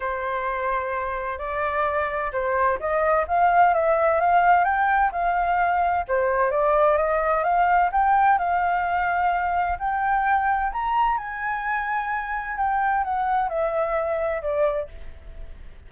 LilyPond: \new Staff \with { instrumentName = "flute" } { \time 4/4 \tempo 4 = 129 c''2. d''4~ | d''4 c''4 dis''4 f''4 | e''4 f''4 g''4 f''4~ | f''4 c''4 d''4 dis''4 |
f''4 g''4 f''2~ | f''4 g''2 ais''4 | gis''2. g''4 | fis''4 e''2 d''4 | }